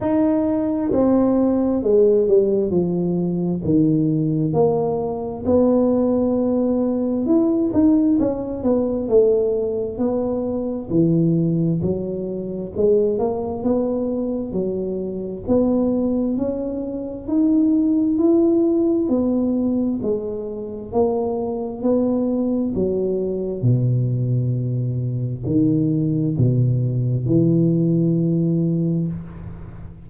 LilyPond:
\new Staff \with { instrumentName = "tuba" } { \time 4/4 \tempo 4 = 66 dis'4 c'4 gis8 g8 f4 | dis4 ais4 b2 | e'8 dis'8 cis'8 b8 a4 b4 | e4 fis4 gis8 ais8 b4 |
fis4 b4 cis'4 dis'4 | e'4 b4 gis4 ais4 | b4 fis4 b,2 | dis4 b,4 e2 | }